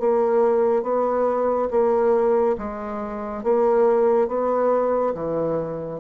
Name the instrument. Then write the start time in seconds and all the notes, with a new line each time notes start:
bassoon
0.00 A#3
0.83 B3
1.71 A#3
2.58 G#3
3.44 A#3
4.28 B3
5.15 E3